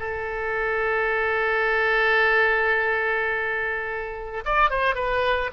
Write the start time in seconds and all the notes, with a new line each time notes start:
0.00 A4
4.45 D5
4.70 C5
4.95 B4